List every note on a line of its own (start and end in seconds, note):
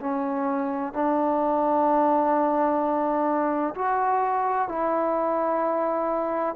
0.00 0.93 C#4
0.93 3.74 D4
3.75 4.68 F#4
4.68 6.55 E4